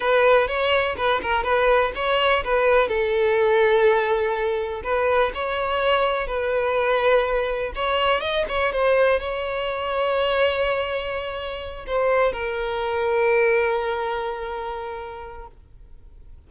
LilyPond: \new Staff \with { instrumentName = "violin" } { \time 4/4 \tempo 4 = 124 b'4 cis''4 b'8 ais'8 b'4 | cis''4 b'4 a'2~ | a'2 b'4 cis''4~ | cis''4 b'2. |
cis''4 dis''8 cis''8 c''4 cis''4~ | cis''1~ | cis''8 c''4 ais'2~ ais'8~ | ais'1 | }